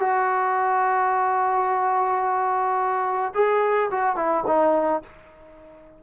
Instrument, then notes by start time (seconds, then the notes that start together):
trombone
0.00 F#4
3.35 G#4
3.91 F#4
4.16 E4
4.47 D#4